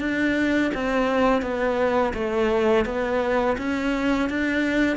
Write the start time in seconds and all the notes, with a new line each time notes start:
0.00 D4
0.75 C4
1.42 B3
2.14 A3
2.86 B3
3.58 C#4
4.30 D4